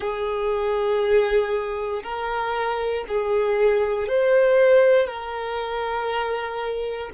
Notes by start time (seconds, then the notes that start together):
0.00 G#4
2.03 A#4
3.07 G#4
4.08 C5
5.07 A#4